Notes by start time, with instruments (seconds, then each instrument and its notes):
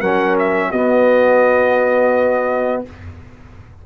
0.00 tuba F#3, trombone C#4, horn A#4, trumpet F#5
0.38 trumpet E5
0.70 tuba B3, trombone B3, horn F#4, trumpet D#5